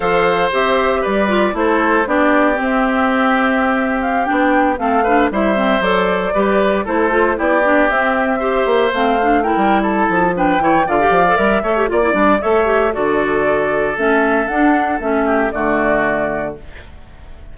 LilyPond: <<
  \new Staff \with { instrumentName = "flute" } { \time 4/4 \tempo 4 = 116 f''4 e''4 d''4 c''4 | d''4 e''2~ e''8. f''16~ | f''16 g''4 f''4 e''4 d''8.~ | d''4~ d''16 c''4 d''4 e''8.~ |
e''4~ e''16 f''4 g''8. a''4 | g''4 f''4 e''4 d''4 | e''4 d''2 e''4 | fis''4 e''4 d''2 | }
  \new Staff \with { instrumentName = "oboe" } { \time 4/4 c''2 b'4 a'4 | g'1~ | g'4~ g'16 a'8 b'8 c''4.~ c''16~ | c''16 b'4 a'4 g'4.~ g'16~ |
g'16 c''2 ais'8. a'4 | b'8 cis''8 d''4. cis''8 d''4 | cis''4 a'2.~ | a'4. g'8 fis'2 | }
  \new Staff \with { instrumentName = "clarinet" } { \time 4/4 a'4 g'4. f'8 e'4 | d'4 c'2.~ | c'16 d'4 c'8 d'8 e'8 c'8 a'8.~ | a'16 g'4 e'8 f'8 e'8 d'8 c'8.~ |
c'16 g'4 c'8 d'8 e'4.~ e'16 | d'8 e'8 f'16 g'8 a'16 ais'8 a'16 g'16 f'16 e'16 d'8 | a'8 g'8 fis'2 cis'4 | d'4 cis'4 a2 | }
  \new Staff \with { instrumentName = "bassoon" } { \time 4/4 f4 c'4 g4 a4 | b4 c'2.~ | c'16 b4 a4 g4 fis8.~ | fis16 g4 a4 b4 c'8.~ |
c'8. ais8 a4~ a16 g4 f8~ | f8 e8 d8 f8 g8 a8 ais8 g8 | a4 d2 a4 | d'4 a4 d2 | }
>>